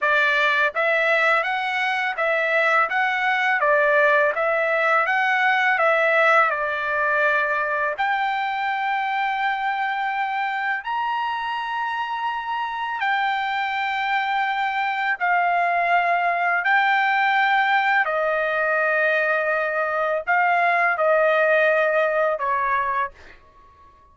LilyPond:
\new Staff \with { instrumentName = "trumpet" } { \time 4/4 \tempo 4 = 83 d''4 e''4 fis''4 e''4 | fis''4 d''4 e''4 fis''4 | e''4 d''2 g''4~ | g''2. ais''4~ |
ais''2 g''2~ | g''4 f''2 g''4~ | g''4 dis''2. | f''4 dis''2 cis''4 | }